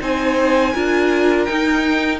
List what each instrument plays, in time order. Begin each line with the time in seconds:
0.00 cello C4, viola D#4, violin C5 G#5
0.74 cello D4, viola F4, violin A#4
1.45 viola D#4, cello D#4, violin G5